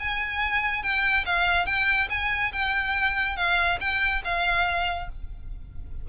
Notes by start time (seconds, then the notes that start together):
0.00 G#5
0.83 G5
1.26 F5
1.67 G5
2.10 G#5
2.53 G5
3.37 F5
3.81 G5
4.25 F5